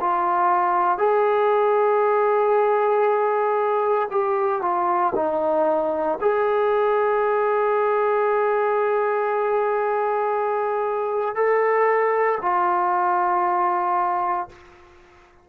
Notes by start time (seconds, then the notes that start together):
0.00 F4
0.98 G#4
4.11 G4
4.61 F4
5.15 D#4
6.20 G#4
11.35 A4
12.41 F4